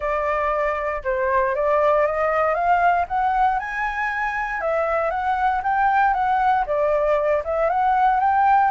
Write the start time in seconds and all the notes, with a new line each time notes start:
0.00 D5
1.04 C5
1.55 D5
2.06 D#5
2.54 F5
3.08 F#5
3.59 G#5
4.61 E5
5.10 F#5
5.63 G5
6.13 F#5
6.66 D5
7.44 E5
7.69 F#5
8.20 G5